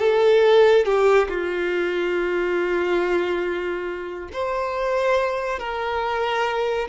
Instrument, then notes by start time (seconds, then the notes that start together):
violin
0.00 A4
0.86 G4
1.29 F4
4.33 C5
5.60 A#4